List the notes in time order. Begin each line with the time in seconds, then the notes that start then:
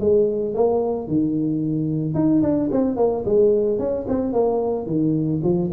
0.00 G#3
0.54 A#3
1.08 D#3
2.14 D#4
2.42 D4
2.71 C4
2.97 A#3
3.25 G#3
3.79 C#4
4.08 C4
4.33 A#3
4.86 D#3
5.43 F3